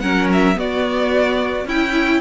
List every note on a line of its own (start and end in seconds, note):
0.00 0.57 F#3
0.00 0.55 C#4
0.00 0.57 A#4
0.00 0.28 F#5
0.33 0.59 E5
0.55 1.65 B3
0.55 1.68 F#4
0.55 1.68 D5
1.65 2.20 C#4
1.65 2.21 E4
1.65 2.21 G5